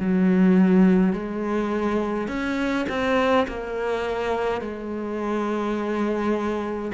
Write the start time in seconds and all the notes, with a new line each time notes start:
0.00 F#3
1.13 G#3
2.28 C#4
2.89 C4
3.48 A#3
4.62 G#3